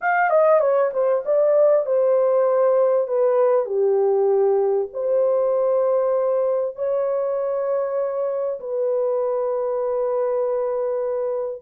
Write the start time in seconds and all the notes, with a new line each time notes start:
0.01 F5
0.29 D#5
0.60 C#5
0.93 C5
1.25 D5
1.85 C5
3.07 B4
3.65 G4
4.93 C5
6.75 C#5
8.60 B4